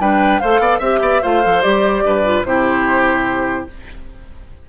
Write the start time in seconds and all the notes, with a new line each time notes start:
0.00 G3 D4 B4 G5
0.39 A3 A4 C5 F5
0.59 B3 D5
0.79 C4 G4 E5
1.01 B3 D5
1.22 A3 F4 C5 F5
1.44 F3 A4
1.62 G3 G4 D5
2.04 G2 B4
2.24 F4
2.45 C3 E4 G4 C5